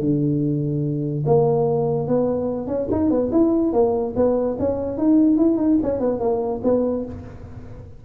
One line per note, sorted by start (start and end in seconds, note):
0.00 1.24 D3
1.26 2.08 A#3
2.08 2.67 B3
2.67 2.88 C#4
2.92 3.10 D#4
3.10 3.31 B3
3.32 3.73 E4
3.73 4.14 A#3
4.16 4.57 B3
4.59 4.98 C#4
4.98 5.37 D#4
5.37 5.57 E4
5.57 5.78 D#4
5.83 6.00 C#4
6.00 6.20 B3
6.20 6.61 A#3
6.64 7.05 B3